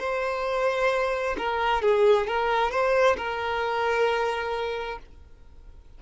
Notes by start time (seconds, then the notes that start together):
0.00 C5
1.38 A#4
1.82 G#4
2.27 A#4
2.71 C5
3.17 A#4